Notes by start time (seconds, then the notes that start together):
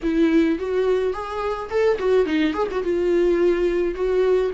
0.02 E4
0.58 F#4
1.13 G#4
1.70 A4
1.99 F#4
2.25 D#4
2.53 G#4
2.71 F#4
2.83 F4
3.94 F#4